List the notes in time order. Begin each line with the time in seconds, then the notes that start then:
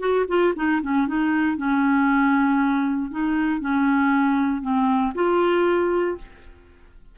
0.00 F#4
0.28 F4
0.56 D#4
0.82 C#4
1.07 D#4
1.57 C#4
3.11 D#4
3.60 C#4
4.62 C4
5.15 F4